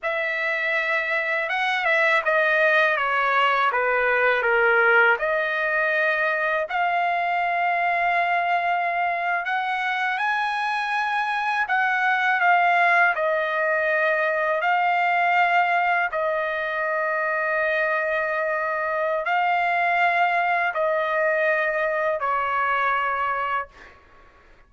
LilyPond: \new Staff \with { instrumentName = "trumpet" } { \time 4/4 \tempo 4 = 81 e''2 fis''8 e''8 dis''4 | cis''4 b'4 ais'4 dis''4~ | dis''4 f''2.~ | f''8. fis''4 gis''2 fis''16~ |
fis''8. f''4 dis''2 f''16~ | f''4.~ f''16 dis''2~ dis''16~ | dis''2 f''2 | dis''2 cis''2 | }